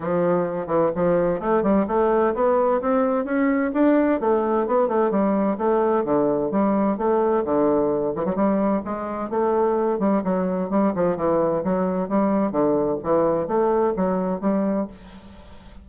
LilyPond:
\new Staff \with { instrumentName = "bassoon" } { \time 4/4 \tempo 4 = 129 f4. e8 f4 a8 g8 | a4 b4 c'4 cis'4 | d'4 a4 b8 a8 g4 | a4 d4 g4 a4 |
d4. e16 fis16 g4 gis4 | a4. g8 fis4 g8 f8 | e4 fis4 g4 d4 | e4 a4 fis4 g4 | }